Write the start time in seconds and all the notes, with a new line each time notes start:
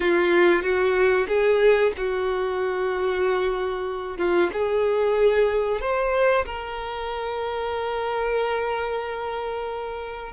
0.00 F4
0.62 F#4
1.27 G#4
1.97 F#4
4.17 F4
4.52 G#4
5.80 C5
6.45 A#4